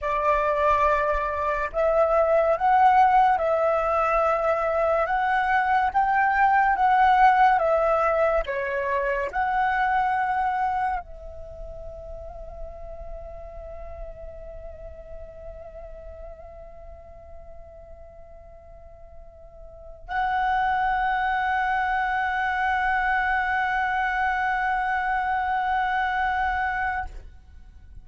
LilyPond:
\new Staff \with { instrumentName = "flute" } { \time 4/4 \tempo 4 = 71 d''2 e''4 fis''4 | e''2 fis''4 g''4 | fis''4 e''4 cis''4 fis''4~ | fis''4 e''2.~ |
e''1~ | e''2.~ e''8. fis''16~ | fis''1~ | fis''1 | }